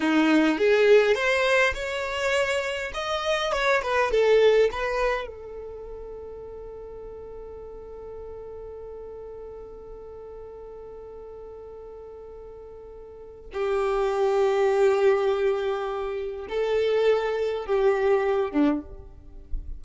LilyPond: \new Staff \with { instrumentName = "violin" } { \time 4/4 \tempo 4 = 102 dis'4 gis'4 c''4 cis''4~ | cis''4 dis''4 cis''8 b'8 a'4 | b'4 a'2.~ | a'1~ |
a'1~ | a'2. g'4~ | g'1 | a'2 g'4. d'8 | }